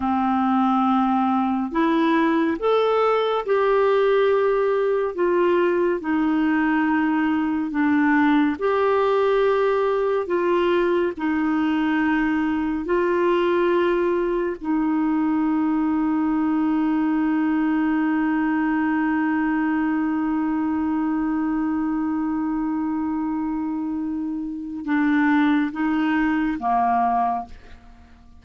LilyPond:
\new Staff \with { instrumentName = "clarinet" } { \time 4/4 \tempo 4 = 70 c'2 e'4 a'4 | g'2 f'4 dis'4~ | dis'4 d'4 g'2 | f'4 dis'2 f'4~ |
f'4 dis'2.~ | dis'1~ | dis'1~ | dis'4 d'4 dis'4 ais4 | }